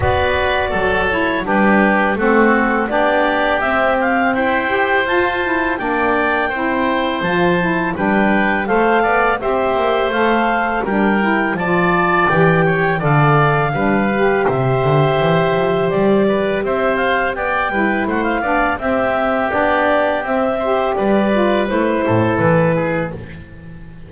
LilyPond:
<<
  \new Staff \with { instrumentName = "clarinet" } { \time 4/4 \tempo 4 = 83 d''4. cis''8 b'4 a'4 | d''4 e''8 f''8 g''4 a''4 | g''2 a''4 g''4 | f''4 e''4 f''4 g''4 |
a''4 g''4 f''2 | e''2 d''4 e''8 f''8 | g''4 fis''16 f''8. e''4 d''4 | e''4 d''4 c''4 b'4 | }
  \new Staff \with { instrumentName = "oboe" } { \time 4/4 b'4 a'4 g'4 fis'4 | g'2 c''2 | d''4 c''2 b'4 | c''8 d''8 c''2 ais'4 |
d''4. cis''8 d''4 b'4 | c''2~ c''8 b'8 c''4 | d''8 b'8 c''8 d''8 g'2~ | g'8 c''8 b'4. a'4 gis'8 | }
  \new Staff \with { instrumentName = "saxophone" } { \time 4/4 fis'4. e'8 d'4 c'4 | d'4 c'4. g'8 f'8 e'8 | d'4 e'4 f'8 e'8 d'4 | a'4 g'4 a'4 d'8 e'8 |
f'4 g'4 a'4 d'8 g'8~ | g'1~ | g'8 e'4 d'8 c'4 d'4 | c'8 g'4 f'8 e'2 | }
  \new Staff \with { instrumentName = "double bass" } { \time 4/4 b4 fis4 g4 a4 | b4 c'4 e'4 f'4 | ais4 c'4 f4 g4 | a8 b8 c'8 ais8 a4 g4 |
f4 e4 d4 g4 | c8 d8 e8 f8 g4 c'4 | b8 g8 a8 b8 c'4 b4 | c'4 g4 a8 a,8 e4 | }
>>